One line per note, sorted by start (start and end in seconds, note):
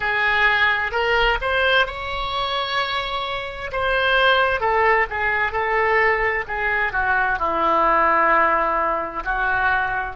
0.00 0.91 G#4
0.91 1.38 A#4
1.41 1.86 C5
1.86 3.71 C#5
3.72 4.60 C5
4.60 5.06 A4
5.09 5.51 G#4
5.51 6.44 A4
6.47 6.92 G#4
6.92 7.38 F#4
7.38 9.23 E4
9.24 10.15 F#4